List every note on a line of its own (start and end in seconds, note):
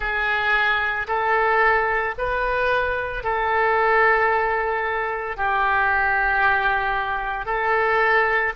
0.00 1.07 G#4
1.07 2.14 A4
2.17 3.23 B4
3.23 5.36 A4
5.36 7.45 G4
7.45 8.52 A4